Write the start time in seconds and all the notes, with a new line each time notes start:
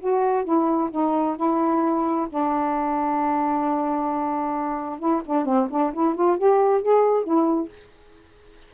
0.00 F#4
0.44 E4
0.90 D#4
1.36 E4
2.29 D4
4.99 E4
5.25 D4
5.45 C4
5.70 D4
5.93 E4
6.15 F4
6.37 G4
6.82 G#4
7.23 E4